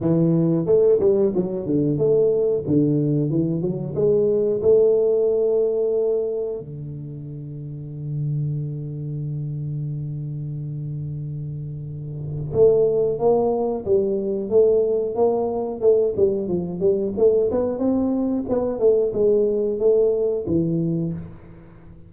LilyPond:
\new Staff \with { instrumentName = "tuba" } { \time 4/4 \tempo 4 = 91 e4 a8 g8 fis8 d8 a4 | d4 e8 fis8 gis4 a4~ | a2 d2~ | d1~ |
d2. a4 | ais4 g4 a4 ais4 | a8 g8 f8 g8 a8 b8 c'4 | b8 a8 gis4 a4 e4 | }